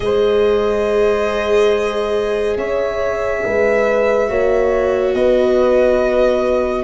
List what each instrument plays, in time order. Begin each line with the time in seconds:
0.00 tuba G#3, viola G#4, horn C5, violin D#5
2.56 tuba C#4, horn C#5, violin E5
3.44 tuba G#3, horn B4
4.27 tuba A#3, viola F#4, horn C#5
5.14 tuba B3, horn B4, violin D#5